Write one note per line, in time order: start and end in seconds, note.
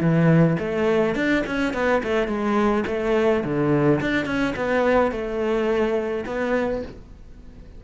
0.00 0.57 E3
0.59 1.15 A3
1.15 1.43 D4
1.46 1.73 C#4
1.73 2.02 B3
2.03 2.27 A3
2.27 2.84 G#3
2.87 3.43 A3
3.43 4.00 D3
4.01 4.25 D4
4.25 4.54 C#4
4.56 5.11 B3
5.11 6.24 A3
6.25 6.82 B3